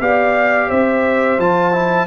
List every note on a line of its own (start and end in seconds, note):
0.00 0.70 B3
0.00 1.39 G4
0.00 0.68 D5
0.00 0.70 F5
0.68 1.38 C4
0.68 2.07 C5
0.68 1.40 E5
1.38 2.07 F3
1.38 1.72 F4
1.38 2.07 A5
1.72 2.07 E4